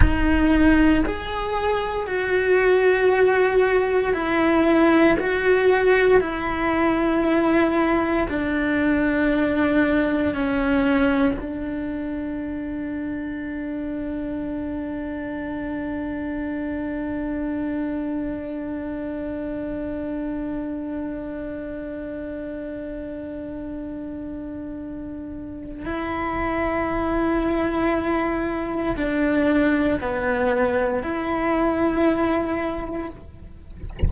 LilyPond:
\new Staff \with { instrumentName = "cello" } { \time 4/4 \tempo 4 = 58 dis'4 gis'4 fis'2 | e'4 fis'4 e'2 | d'2 cis'4 d'4~ | d'1~ |
d'1~ | d'1~ | d'4 e'2. | d'4 b4 e'2 | }